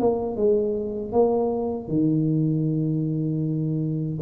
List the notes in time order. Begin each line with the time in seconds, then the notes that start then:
0.00 A#3
0.37 G#3
1.13 A#3
1.88 D#3